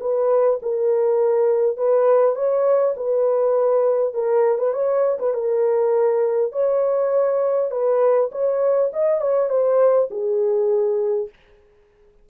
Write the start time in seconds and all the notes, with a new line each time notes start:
0.00 B4
0.62 A#4
1.77 B4
2.35 C#5
2.97 B4
4.14 A#4
4.58 B4
4.73 C#5
5.19 B4
5.34 A#4
6.52 C#5
7.71 B4
8.32 C#5
8.93 D#5
9.21 C#5
9.49 C5
10.11 G#4